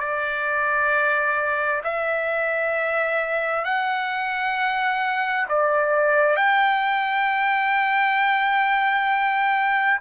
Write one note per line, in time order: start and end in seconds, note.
0.00 1.82 D5
1.84 3.64 E5
3.64 5.46 F#5
5.49 6.36 D5
6.36 10.00 G5